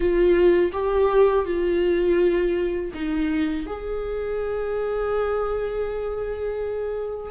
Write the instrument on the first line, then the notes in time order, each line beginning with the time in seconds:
viola
0.00 F4
0.72 G4
1.45 F4
2.94 D#4
3.66 G#4